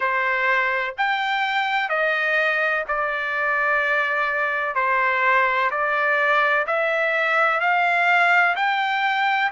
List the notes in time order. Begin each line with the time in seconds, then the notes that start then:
0.00 C5
0.97 G5
1.89 D#5
2.87 D5
4.75 C5
5.71 D5
6.67 E5
7.60 F5
8.56 G5